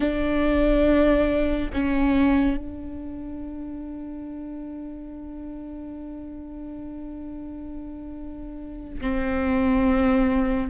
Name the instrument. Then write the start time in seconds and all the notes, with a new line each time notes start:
viola
0.00 D4
1.73 C#4
2.57 D4
9.00 C4